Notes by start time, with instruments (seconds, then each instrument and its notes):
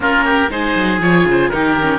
0.00 cello A#3, viola C#4, oboe F4 A#4
0.24 oboe G4
0.49 cello G#3, viola D#4, oboe G#4 C5
0.75 cello F#3
1.00 cello F3, viola F4, oboe C#5
1.25 cello C#3, oboe C5
1.49 cello D#3, viola D#4, oboe G4 A#4
1.81 viola C#4